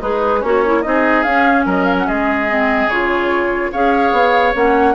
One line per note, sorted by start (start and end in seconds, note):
0.00 0.43 G#3
0.00 0.39 D#4
0.00 0.43 G#4
0.00 0.42 B4
0.39 0.84 A#3
0.39 0.80 C#4
0.39 0.65 F#4
0.39 0.82 C#5
0.65 0.83 E4
0.82 1.24 C4
0.82 1.25 D#4
0.82 1.65 G#4
0.82 1.23 D#5
1.23 1.65 C#4
1.23 2.48 C#4
1.23 1.64 F5
1.65 2.06 F#3
1.65 2.06 A#4
1.65 1.84 D#5
1.84 1.94 F5
1.98 2.07 F#5
2.06 2.86 G#3
2.06 3.71 G#4
2.06 2.89 D#5
2.48 2.89 C4
2.86 3.68 C#3
2.86 3.73 F4
2.86 3.71 C#5
3.72 4.12 C#4
3.72 4.54 G#4
3.72 4.94 C#5
3.72 4.54 F5
4.12 4.53 B3
4.54 4.94 A#3
4.54 4.94 C#4
4.54 4.94 F#5